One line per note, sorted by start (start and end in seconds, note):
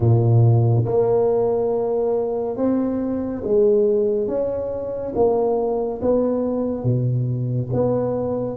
0.00 0.84 A#2
0.85 2.56 A#3
2.56 3.42 C4
3.44 4.27 G#3
4.27 5.13 C#4
5.15 6.00 A#3
6.01 6.83 B3
6.83 7.69 B2
7.72 8.56 B3